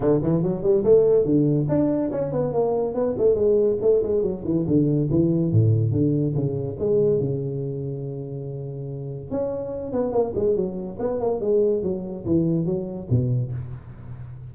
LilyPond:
\new Staff \with { instrumentName = "tuba" } { \time 4/4 \tempo 4 = 142 d8 e8 fis8 g8 a4 d4 | d'4 cis'8 b8 ais4 b8 a8 | gis4 a8 gis8 fis8 e8 d4 | e4 a,4 d4 cis4 |
gis4 cis2.~ | cis2 cis'4. b8 | ais8 gis8 fis4 b8 ais8 gis4 | fis4 e4 fis4 b,4 | }